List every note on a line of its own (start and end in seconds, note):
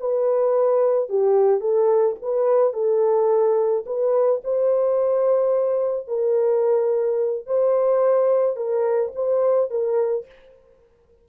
0.00 1.10 B4
1.10 1.61 G4
1.61 2.16 A4
2.22 2.73 B4
2.73 3.84 A4
3.86 4.41 B4
4.44 6.08 C5
6.08 7.46 A#4
7.46 8.56 C5
8.56 9.12 A#4
9.15 9.71 C5
9.71 10.26 A#4